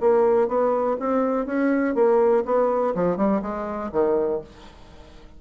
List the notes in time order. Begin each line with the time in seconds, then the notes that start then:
0.00 A#3
0.48 B3
0.99 C4
1.46 C#4
1.94 A#3
2.45 B3
2.94 F3
3.16 G3
3.42 G#3
3.92 D#3